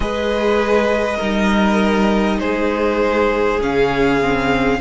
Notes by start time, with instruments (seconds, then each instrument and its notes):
0.00 cello G#3, viola G#4, violin B4 D#5
1.17 cello G3, viola D#4, violin A#4
2.40 cello G#3, violin G#4 C5
3.60 cello C#3, viola C#4, violin F5
4.21 viola C4